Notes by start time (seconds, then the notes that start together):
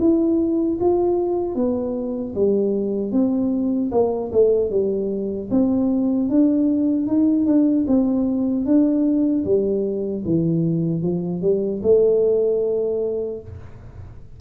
0.00 E4
0.80 F4
1.55 B3
2.35 G3
3.12 C4
3.92 A#3
4.32 A3
4.70 G3
5.51 C4
6.30 D4
7.07 D#4
7.46 D4
7.87 C4
8.66 D4
9.45 G3
10.25 E3
11.03 F3
11.42 G3
11.83 A3